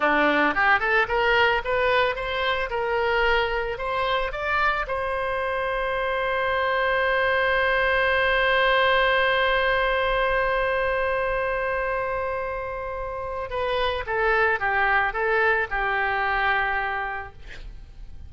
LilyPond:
\new Staff \with { instrumentName = "oboe" } { \time 4/4 \tempo 4 = 111 d'4 g'8 a'8 ais'4 b'4 | c''4 ais'2 c''4 | d''4 c''2.~ | c''1~ |
c''1~ | c''1~ | c''4 b'4 a'4 g'4 | a'4 g'2. | }